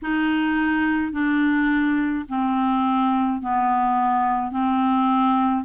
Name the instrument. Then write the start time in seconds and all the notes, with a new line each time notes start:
clarinet
0.02 D#4
1.12 D4
2.28 C4
3.41 B3
4.51 C4